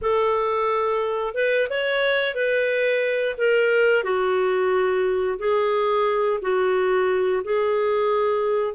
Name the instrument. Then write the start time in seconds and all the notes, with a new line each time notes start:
clarinet
0.01 A4
1.34 B4
1.69 C#5
2.34 B4
3.37 A#4
4.03 F#4
5.38 G#4
6.41 F#4
7.44 G#4